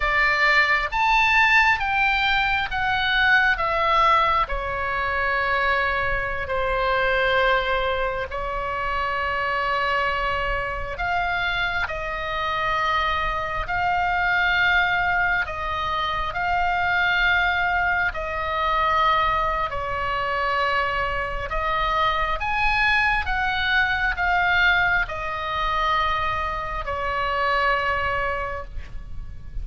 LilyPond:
\new Staff \with { instrumentName = "oboe" } { \time 4/4 \tempo 4 = 67 d''4 a''4 g''4 fis''4 | e''4 cis''2~ cis''16 c''8.~ | c''4~ c''16 cis''2~ cis''8.~ | cis''16 f''4 dis''2 f''8.~ |
f''4~ f''16 dis''4 f''4.~ f''16~ | f''16 dis''4.~ dis''16 cis''2 | dis''4 gis''4 fis''4 f''4 | dis''2 cis''2 | }